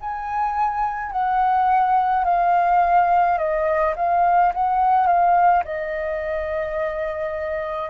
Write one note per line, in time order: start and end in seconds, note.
0.00 1.11 G#5
1.11 2.24 F#5
2.24 3.38 F5
3.38 3.94 D#5
3.96 4.52 F5
4.54 5.06 F#5
5.06 5.63 F5
5.64 7.90 D#5